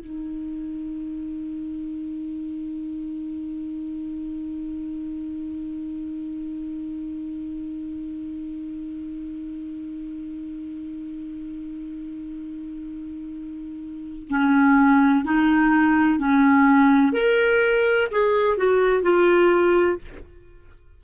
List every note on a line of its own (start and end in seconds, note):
0.00 14.29 D#4
14.30 15.25 C#4
15.25 16.19 D#4
16.19 17.13 C#4
17.13 18.08 A#4
18.12 18.58 G#4
18.58 19.03 F#4
19.03 19.98 F4